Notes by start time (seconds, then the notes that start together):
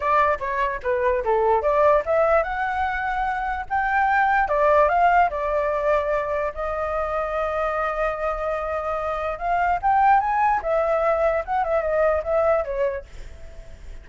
0.00 D5
0.39 C#5
0.82 B4
1.24 A4
1.62 D5
2.05 E5
2.43 F#5
3.69 G5
4.48 D5
4.88 F5
5.30 D5
6.54 D#5
9.38 F5
9.82 G5
10.20 G#5
10.62 E5
11.45 F#5
11.64 E5
11.81 D#5
12.23 E5
12.64 C#5